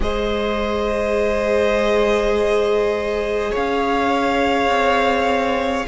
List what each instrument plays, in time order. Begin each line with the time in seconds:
0.00 cello G#3, viola G#4, violin C5 D#5
3.51 cello C#4, violin C#5 F5
4.68 cello C4